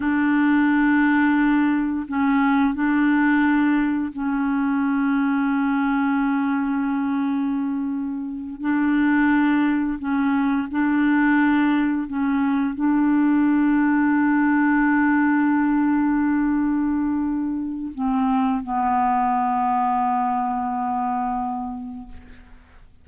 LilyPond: \new Staff \with { instrumentName = "clarinet" } { \time 4/4 \tempo 4 = 87 d'2. cis'4 | d'2 cis'2~ | cis'1~ | cis'8 d'2 cis'4 d'8~ |
d'4. cis'4 d'4.~ | d'1~ | d'2 c'4 b4~ | b1 | }